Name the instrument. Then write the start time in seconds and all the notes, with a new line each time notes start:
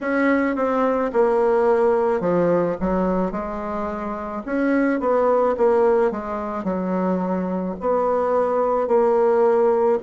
bassoon
0.01 C#4
0.55 C4
1.12 A#3
2.20 F3
2.80 F#3
3.31 G#3
4.45 C#4
5.00 B3
5.57 A#3
6.11 G#3
6.64 F#3
7.80 B3
8.87 A#3